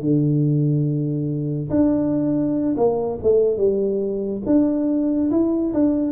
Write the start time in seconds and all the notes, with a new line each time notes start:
0.00 D3
1.70 D4
2.77 A#3
3.23 A3
3.57 G3
4.46 D4
5.30 E4
5.73 D4